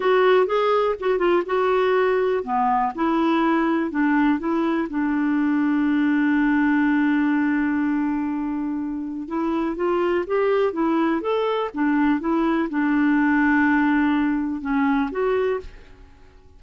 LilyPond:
\new Staff \with { instrumentName = "clarinet" } { \time 4/4 \tempo 4 = 123 fis'4 gis'4 fis'8 f'8 fis'4~ | fis'4 b4 e'2 | d'4 e'4 d'2~ | d'1~ |
d'2. e'4 | f'4 g'4 e'4 a'4 | d'4 e'4 d'2~ | d'2 cis'4 fis'4 | }